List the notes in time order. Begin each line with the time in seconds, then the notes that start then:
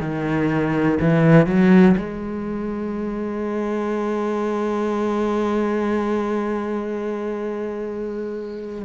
0.00 D#3
1.00 E3
1.46 F#3
1.96 G#3